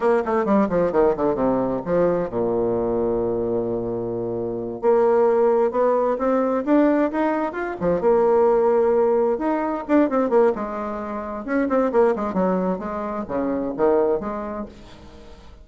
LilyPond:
\new Staff \with { instrumentName = "bassoon" } { \time 4/4 \tempo 4 = 131 ais8 a8 g8 f8 dis8 d8 c4 | f4 ais,2.~ | ais,2~ ais,8 ais4.~ | ais8 b4 c'4 d'4 dis'8~ |
dis'8 f'8 f8 ais2~ ais8~ | ais8 dis'4 d'8 c'8 ais8 gis4~ | gis4 cis'8 c'8 ais8 gis8 fis4 | gis4 cis4 dis4 gis4 | }